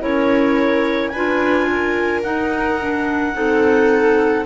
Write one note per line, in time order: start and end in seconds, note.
0.00 1.14 C#4
0.00 1.11 E4
0.00 1.12 A#4
0.00 1.09 C#5
1.09 2.24 D4
1.09 1.67 B4
1.09 2.20 G#5
1.16 2.23 F4
1.70 3.36 A#4
2.23 2.78 D#4
2.23 3.35 D#4
2.23 4.45 F#5
2.80 3.33 D4
3.33 4.46 C4
3.33 4.44 D#4
3.33 4.46 A4